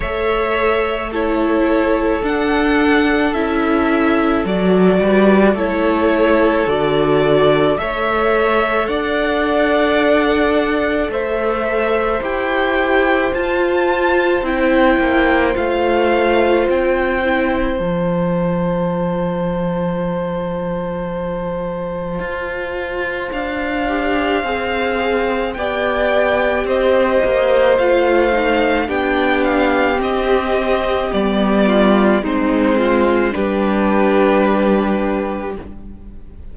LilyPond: <<
  \new Staff \with { instrumentName = "violin" } { \time 4/4 \tempo 4 = 54 e''4 cis''4 fis''4 e''4 | d''4 cis''4 d''4 e''4 | fis''2 e''4 g''4 | a''4 g''4 f''4 g''4 |
a''1~ | a''4 f''2 g''4 | dis''4 f''4 g''8 f''8 dis''4 | d''4 c''4 b'2 | }
  \new Staff \with { instrumentName = "violin" } { \time 4/4 cis''4 a'2.~ | a'8 b'8 a'2 cis''4 | d''2 c''2~ | c''1~ |
c''1~ | c''2. d''4 | c''2 g'2~ | g'8 f'8 dis'8 f'8 g'2 | }
  \new Staff \with { instrumentName = "viola" } { \time 4/4 a'4 e'4 d'4 e'4 | fis'4 e'4 fis'4 a'4~ | a'2. g'4 | f'4 e'4 f'4. e'8 |
f'1~ | f'4. g'8 gis'4 g'4~ | g'4 f'8 dis'8 d'4 c'4 | b4 c'4 d'2 | }
  \new Staff \with { instrumentName = "cello" } { \time 4/4 a2 d'4 cis'4 | fis8 g8 a4 d4 a4 | d'2 a4 e'4 | f'4 c'8 ais8 a4 c'4 |
f1 | f'4 d'4 c'4 b4 | c'8 ais8 a4 b4 c'4 | g4 gis4 g2 | }
>>